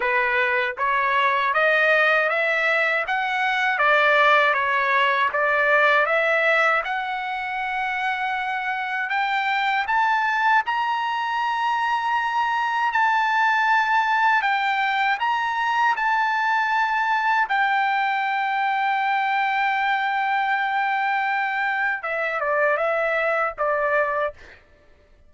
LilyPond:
\new Staff \with { instrumentName = "trumpet" } { \time 4/4 \tempo 4 = 79 b'4 cis''4 dis''4 e''4 | fis''4 d''4 cis''4 d''4 | e''4 fis''2. | g''4 a''4 ais''2~ |
ais''4 a''2 g''4 | ais''4 a''2 g''4~ | g''1~ | g''4 e''8 d''8 e''4 d''4 | }